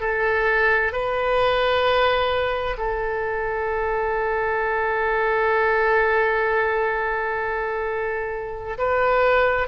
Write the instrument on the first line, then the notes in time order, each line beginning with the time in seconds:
oboe
0.00 A4
0.92 B4
2.77 A4
8.78 B4